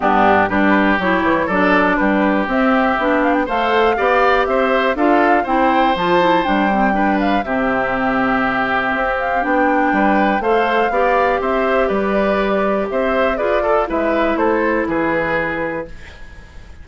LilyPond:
<<
  \new Staff \with { instrumentName = "flute" } { \time 4/4 \tempo 4 = 121 g'4 b'4 cis''4 d''4 | b'4 e''4. f''16 g''16 f''4~ | f''4 e''4 f''4 g''4 | a''4 g''4. f''8 e''4~ |
e''2~ e''8 f''8 g''4~ | g''4 f''2 e''4 | d''2 e''4 d''4 | e''4 c''4 b'2 | }
  \new Staff \with { instrumentName = "oboe" } { \time 4/4 d'4 g'2 a'4 | g'2. c''4 | d''4 c''4 a'4 c''4~ | c''2 b'4 g'4~ |
g'1 | b'4 c''4 d''4 c''4 | b'2 c''4 b'8 a'8 | b'4 a'4 gis'2 | }
  \new Staff \with { instrumentName = "clarinet" } { \time 4/4 b4 d'4 e'4 d'4~ | d'4 c'4 d'4 a'4 | g'2 f'4 e'4 | f'8 e'8 d'8 c'8 d'4 c'4~ |
c'2. d'4~ | d'4 a'4 g'2~ | g'2. gis'8 a'8 | e'1 | }
  \new Staff \with { instrumentName = "bassoon" } { \time 4/4 g,4 g4 fis8 e8 fis4 | g4 c'4 b4 a4 | b4 c'4 d'4 c'4 | f4 g2 c4~ |
c2 c'4 b4 | g4 a4 b4 c'4 | g2 c'4 f'4 | gis4 a4 e2 | }
>>